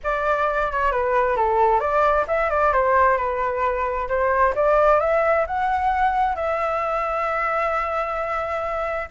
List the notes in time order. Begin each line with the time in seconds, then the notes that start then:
0.03 D5
0.72 C#5
0.91 B4
1.36 A4
1.80 D5
2.27 E5
2.50 D5
2.72 C5
3.17 B4
4.08 C5
4.55 D5
5.00 E5
5.46 F#5
6.35 E5